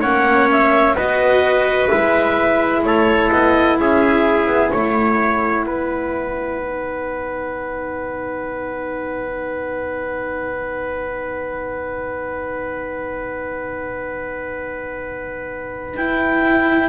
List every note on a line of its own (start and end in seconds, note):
0.00 0.95 A#3
0.00 0.95 C#4
0.00 0.94 C#5
0.00 0.48 F#5
0.51 0.96 E5
0.95 1.88 B3
0.95 1.90 F#4
0.95 2.82 B4
0.95 1.88 D#5
1.88 2.83 G#3
1.88 6.58 E4
1.88 2.82 E5
2.83 3.30 A3
2.83 3.79 A4
2.83 3.30 C#5
3.30 3.78 B3
3.30 3.77 D#5
3.78 4.46 C#4
3.78 4.71 G#4
3.78 4.70 E5
4.46 4.70 B3
4.70 5.65 A3
4.70 5.65 C#5
4.70 15.95 F#5
5.65 16.89 B3
5.65 16.89 B4
6.58 15.95 D#4
15.96 16.89 E4
15.96 16.89 G5